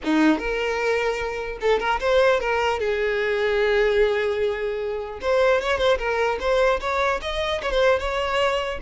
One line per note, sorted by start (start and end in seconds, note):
0.04 0.38 D#4
0.38 1.58 A#4
1.60 1.79 A4
1.79 1.99 A#4
2.00 2.40 C5
2.40 2.79 A#4
2.79 5.19 G#4
5.21 5.61 C5
5.61 5.78 C#5
5.78 5.98 C5
5.98 6.38 A#4
6.40 6.80 C5
6.80 7.20 C#5
7.21 7.61 D#5
7.62 7.70 C#5
7.70 7.99 C5
7.99 8.79 C#5